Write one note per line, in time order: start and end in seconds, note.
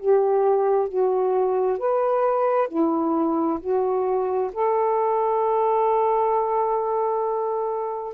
0.00 0.89 G4
0.89 1.79 F#4
1.79 2.69 B4
2.69 3.60 E4
3.60 4.51 F#4
4.53 8.14 A4